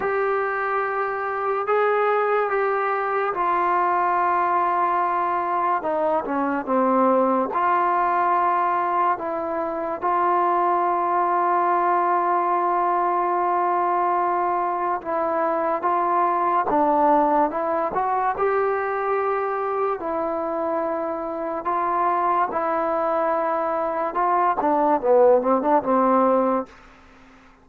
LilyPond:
\new Staff \with { instrumentName = "trombone" } { \time 4/4 \tempo 4 = 72 g'2 gis'4 g'4 | f'2. dis'8 cis'8 | c'4 f'2 e'4 | f'1~ |
f'2 e'4 f'4 | d'4 e'8 fis'8 g'2 | e'2 f'4 e'4~ | e'4 f'8 d'8 b8 c'16 d'16 c'4 | }